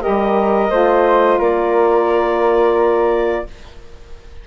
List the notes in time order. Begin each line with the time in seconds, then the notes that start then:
0.00 G4 A#4 D#5
0.07 G3
0.71 A3 F4 C5
1.39 A#3 A#4 D5